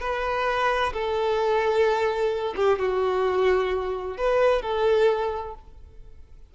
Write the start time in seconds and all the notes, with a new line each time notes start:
0.00 B4
0.93 A4
2.56 G4
2.79 F#4
4.17 B4
4.62 A4